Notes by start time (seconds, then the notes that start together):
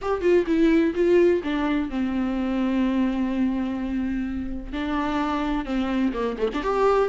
0.01 G4
0.21 F4
0.46 E4
0.94 F4
1.43 D4
1.89 C4
4.72 D4
5.65 C4
6.13 A#3
6.37 A3
6.53 D4
6.62 G4